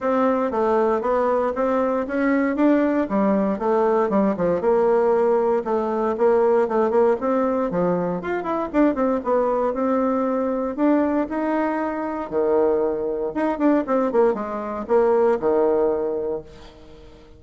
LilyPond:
\new Staff \with { instrumentName = "bassoon" } { \time 4/4 \tempo 4 = 117 c'4 a4 b4 c'4 | cis'4 d'4 g4 a4 | g8 f8 ais2 a4 | ais4 a8 ais8 c'4 f4 |
f'8 e'8 d'8 c'8 b4 c'4~ | c'4 d'4 dis'2 | dis2 dis'8 d'8 c'8 ais8 | gis4 ais4 dis2 | }